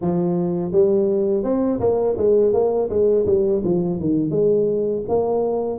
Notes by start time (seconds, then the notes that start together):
0.01 F3
0.72 G3
1.43 C4
1.80 A#3
2.17 G#3
2.53 A#3
2.89 G#3
3.26 G3
3.64 F3
3.99 D#3
4.30 G#3
5.08 A#3